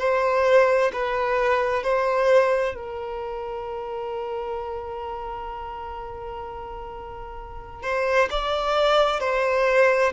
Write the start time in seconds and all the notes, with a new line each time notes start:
0.00 C5
0.93 B4
1.84 C5
2.76 A#4
7.83 C5
8.31 D5
9.21 C5